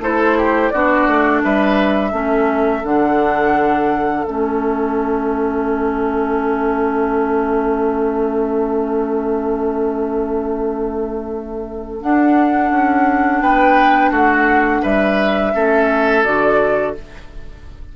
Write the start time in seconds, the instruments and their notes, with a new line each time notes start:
0.00 bassoon A3, clarinet E4, oboe A4, flute C5
0.39 oboe G4
0.70 bassoon B3, clarinet D4, oboe F#4, flute D5
1.08 bassoon A3
1.44 bassoon G3, oboe B4, flute E5
2.11 bassoon A3, clarinet C#4, oboe A4
2.84 bassoon D3, clarinet D4, flute F#5
4.25 bassoon A3, clarinet C#4, flute E5
12.02 clarinet D4, bassoon D4, flute F#5
12.71 bassoon C#4
13.42 bassoon B3, oboe B4, flute G5
14.11 bassoon A3, oboe F#4, flute F#5
14.82 bassoon G3, oboe B4, flute E5
15.54 bassoon A3, clarinet C#4, oboe A4
16.25 bassoon D3, clarinet F#4, flute D5